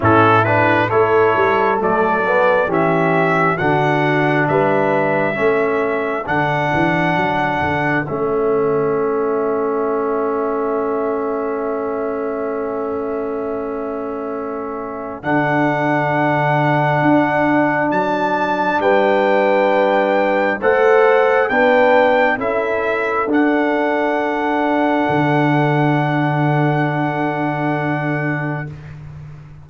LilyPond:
<<
  \new Staff \with { instrumentName = "trumpet" } { \time 4/4 \tempo 4 = 67 a'8 b'8 cis''4 d''4 e''4 | fis''4 e''2 fis''4~ | fis''4 e''2.~ | e''1~ |
e''4 fis''2. | a''4 g''2 fis''4 | g''4 e''4 fis''2~ | fis''1 | }
  \new Staff \with { instrumentName = "horn" } { \time 4/4 e'4 a'2 g'4 | fis'4 b'4 a'2~ | a'1~ | a'1~ |
a'1~ | a'4 b'2 c''4 | b'4 a'2.~ | a'1 | }
  \new Staff \with { instrumentName = "trombone" } { \time 4/4 cis'8 d'8 e'4 a8 b8 cis'4 | d'2 cis'4 d'4~ | d'4 cis'2.~ | cis'1~ |
cis'4 d'2.~ | d'2. a'4 | d'4 e'4 d'2~ | d'1 | }
  \new Staff \with { instrumentName = "tuba" } { \time 4/4 a,4 a8 g8 fis4 e4 | d4 g4 a4 d8 e8 | fis8 d8 a2.~ | a1~ |
a4 d2 d'4 | fis4 g2 a4 | b4 cis'4 d'2 | d1 | }
>>